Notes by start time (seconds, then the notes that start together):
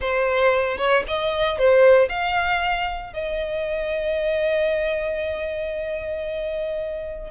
0.00 C5
0.77 C#5
1.07 D#5
1.58 C5
2.08 F5
3.13 D#5